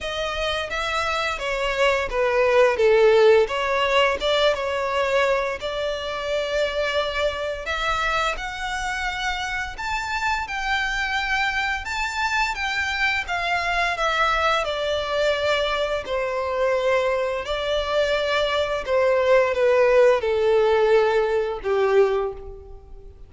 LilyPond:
\new Staff \with { instrumentName = "violin" } { \time 4/4 \tempo 4 = 86 dis''4 e''4 cis''4 b'4 | a'4 cis''4 d''8 cis''4. | d''2. e''4 | fis''2 a''4 g''4~ |
g''4 a''4 g''4 f''4 | e''4 d''2 c''4~ | c''4 d''2 c''4 | b'4 a'2 g'4 | }